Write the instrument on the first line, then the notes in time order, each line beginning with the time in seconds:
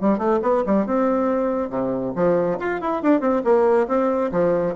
bassoon
0.00 G3
0.18 A3
0.42 B3
0.66 G3
0.86 C4
1.69 C3
2.15 F3
2.59 F4
2.81 E4
3.02 D4
3.20 C4
3.44 A#3
3.88 C4
4.31 F3